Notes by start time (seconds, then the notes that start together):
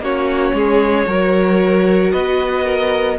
0.00 A#3 C#4 F#4 C#5
0.54 G#3 G#4
1.07 F#3 F#4 A#4
2.12 B3 B4 D#5
2.65 A#4